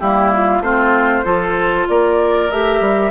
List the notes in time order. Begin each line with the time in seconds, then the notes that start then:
0.00 G3 A#3 E4 G4
0.34 F4
0.60 A3 C4 F4 C5
1.25 F3 F4 A4
1.89 A#3 A#4 D5
2.51 A3 G4 E5
2.80 G3